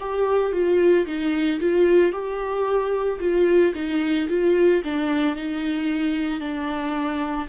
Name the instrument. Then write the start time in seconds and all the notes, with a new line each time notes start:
viola
0.00 G4
0.52 F4
1.06 D#4
1.60 F4
2.12 G4
3.20 F4
3.75 D#4
4.29 F4
4.84 D4
5.36 D#4
6.40 D4